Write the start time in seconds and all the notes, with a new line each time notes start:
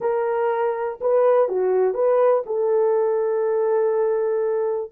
0.00 A#4
1.01 B4
1.48 F#4
1.94 B4
2.45 A4